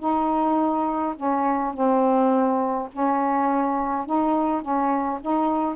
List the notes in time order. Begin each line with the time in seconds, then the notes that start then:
0.00 D#4
1.16 C#4
1.74 C4
2.93 C#4
4.07 D#4
4.62 C#4
5.22 D#4